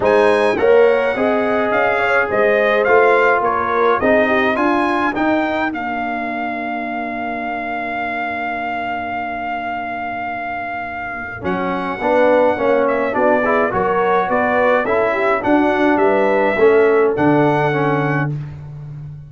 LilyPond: <<
  \new Staff \with { instrumentName = "trumpet" } { \time 4/4 \tempo 4 = 105 gis''4 fis''2 f''4 | dis''4 f''4 cis''4 dis''4 | gis''4 g''4 f''2~ | f''1~ |
f''1 | fis''2~ fis''8 e''8 d''4 | cis''4 d''4 e''4 fis''4 | e''2 fis''2 | }
  \new Staff \with { instrumentName = "horn" } { \time 4/4 c''4 cis''4 dis''4. cis''8 | c''2 ais'4 gis'8 g'8 | f'4 ais'2.~ | ais'1~ |
ais'1~ | ais'4 b'4 cis''4 fis'8 gis'8 | ais'4 b'4 a'8 g'8 fis'4 | b'4 a'2. | }
  \new Staff \with { instrumentName = "trombone" } { \time 4/4 dis'4 ais'4 gis'2~ | gis'4 f'2 dis'4 | f'4 dis'4 d'2~ | d'1~ |
d'1 | cis'4 d'4 cis'4 d'8 e'8 | fis'2 e'4 d'4~ | d'4 cis'4 d'4 cis'4 | }
  \new Staff \with { instrumentName = "tuba" } { \time 4/4 gis4 ais4 c'4 cis'4 | gis4 a4 ais4 c'4 | d'4 dis'4 ais2~ | ais1~ |
ais1 | fis4 b4 ais4 b4 | fis4 b4 cis'4 d'4 | g4 a4 d2 | }
>>